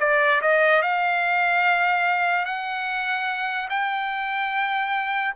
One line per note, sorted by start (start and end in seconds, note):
0.00 0.41 D5
0.42 0.83 D#5
0.83 2.46 F5
2.46 3.69 F#5
3.70 5.35 G5